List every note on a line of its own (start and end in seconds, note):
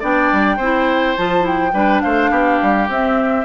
0.00 0.31 B3
0.00 0.59 D4
0.00 0.57 D5
0.00 1.17 G5
0.32 0.58 G3
0.57 1.16 C4
0.57 1.18 E4
0.57 1.72 C5
1.17 1.73 F3
1.17 1.41 F4
1.17 1.46 A5
1.41 1.70 E4
1.41 2.01 G5
1.73 2.02 G3
1.73 2.90 D4
1.73 2.03 B4
2.01 2.31 A3
2.01 2.31 C5
2.01 2.88 F5
2.31 2.59 B3
2.31 3.45 G4
2.62 2.88 G3
2.88 3.45 C4
2.88 3.45 E5